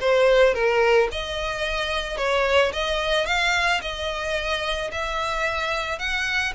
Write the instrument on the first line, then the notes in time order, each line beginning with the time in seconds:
violin
0.00 C5
0.54 A#4
1.11 D#5
2.17 C#5
2.72 D#5
3.26 F5
3.81 D#5
4.91 E5
5.98 F#5